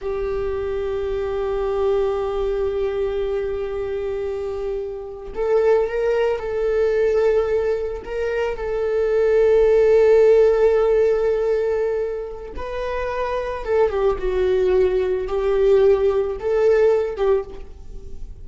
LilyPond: \new Staff \with { instrumentName = "viola" } { \time 4/4 \tempo 4 = 110 g'1~ | g'1~ | g'4.~ g'16 a'4 ais'4 a'16~ | a'2~ a'8. ais'4 a'16~ |
a'1~ | a'2. b'4~ | b'4 a'8 g'8 fis'2 | g'2 a'4. g'8 | }